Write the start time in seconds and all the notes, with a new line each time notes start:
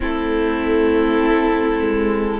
0.00 A3 C4 E4 A4
1.80 G#3